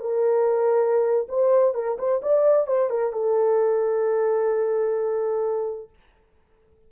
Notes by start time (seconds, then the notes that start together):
0.00 A#4
1.29 C5
1.74 A#4
1.98 C5
2.22 D5
2.67 C5
2.90 A#4
3.13 A4